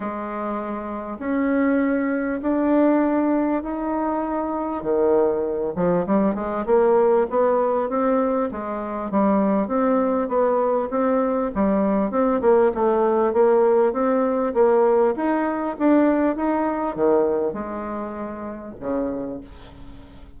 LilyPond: \new Staff \with { instrumentName = "bassoon" } { \time 4/4 \tempo 4 = 99 gis2 cis'2 | d'2 dis'2 | dis4. f8 g8 gis8 ais4 | b4 c'4 gis4 g4 |
c'4 b4 c'4 g4 | c'8 ais8 a4 ais4 c'4 | ais4 dis'4 d'4 dis'4 | dis4 gis2 cis4 | }